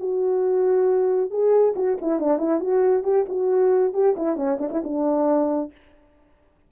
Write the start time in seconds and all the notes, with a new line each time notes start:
0.00 F#4
1.31 G#4
1.76 F#4
2.01 E4
2.20 D4
2.38 E4
2.61 F#4
3.04 G4
3.29 F#4
3.94 G4
4.17 E4
4.36 C#4
4.59 D4
4.72 E4
4.84 D4